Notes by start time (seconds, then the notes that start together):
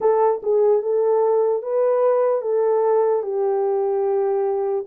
0.00 A4
0.43 G#4
0.81 A4
1.62 B4
2.41 A4
3.22 G4